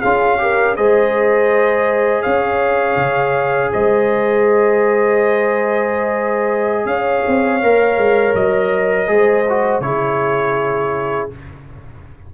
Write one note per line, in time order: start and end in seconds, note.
0.00 0.77 C#4
0.00 0.38 F4
0.00 0.37 G#4
0.00 0.75 F5
0.38 0.75 G4
0.38 0.76 A#4
0.76 2.25 G#3
0.76 7.62 G#4
0.76 2.23 C5
0.76 2.22 D#5
2.22 2.96 C#4
2.22 3.71 C#5
2.22 3.70 F5
2.96 3.70 C#3
3.72 6.85 G#3
3.72 6.87 C5
3.72 6.86 D#5
6.85 7.22 C#4
6.85 9.10 C#5
6.85 8.34 F5
7.27 7.62 C4
7.62 7.97 A#3
7.62 9.07 A#4
7.97 8.34 G#3
8.34 9.08 F#3
8.34 9.81 D#5
9.07 9.80 G#3
9.07 9.44 G#4
9.07 9.85 C5
9.49 9.82 F#4
9.80 11.28 C#3
9.80 11.30 E4
9.80 11.33 G#4
9.80 11.29 C#5